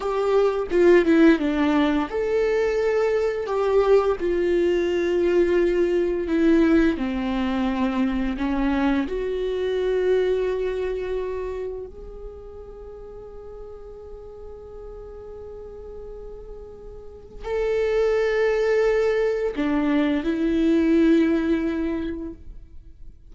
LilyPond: \new Staff \with { instrumentName = "viola" } { \time 4/4 \tempo 4 = 86 g'4 f'8 e'8 d'4 a'4~ | a'4 g'4 f'2~ | f'4 e'4 c'2 | cis'4 fis'2.~ |
fis'4 gis'2.~ | gis'1~ | gis'4 a'2. | d'4 e'2. | }